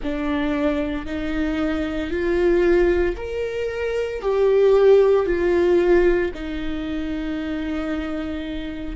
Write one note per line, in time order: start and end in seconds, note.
0.02 1.06 D4
1.06 2.10 D#4
2.10 3.15 F4
3.16 4.21 A#4
4.21 5.26 G4
5.26 6.31 F4
6.33 8.95 D#4